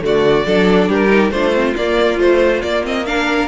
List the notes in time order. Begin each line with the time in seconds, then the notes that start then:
0.00 D3 A3 F#4 D5
0.45 F#3 D4 A4
0.87 G3 G4 A#4
1.08 D#4
1.30 A3 D4 F4 C5
1.53 C4
1.76 A#3 D5
2.17 F3 A3 C5
2.62 A#3 D5
2.83 C4 D#5
3.05 D4 A#4 F5